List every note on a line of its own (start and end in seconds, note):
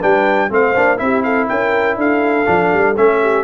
0.00 0.51 G3
0.00 0.50 D4
0.00 0.49 B4
0.00 0.52 G5
0.50 0.75 A3
0.50 0.74 C4
0.50 1.01 C5
0.50 0.98 F5
0.76 1.00 A#3
0.76 0.97 D4
0.97 1.49 C4
0.97 2.45 E4
0.97 1.24 G4
0.97 1.23 E5
1.23 1.49 A4
1.23 1.48 F5
1.49 1.97 C#4
1.49 1.98 A#4
1.49 1.98 G5
1.97 2.46 D4
1.97 3.21 A4
1.97 2.97 F5
2.46 2.72 F3
2.46 2.95 D4
2.73 2.97 G3
2.97 3.44 A3
2.97 3.44 C#4
2.97 3.44 E5
3.22 3.44 G4